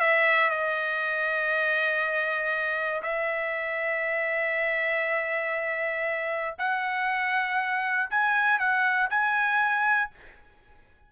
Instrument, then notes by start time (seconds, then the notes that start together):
trumpet
0.00 E5
0.50 D#5
3.02 E5
6.58 F#5
8.10 G#5
8.59 F#5
9.10 G#5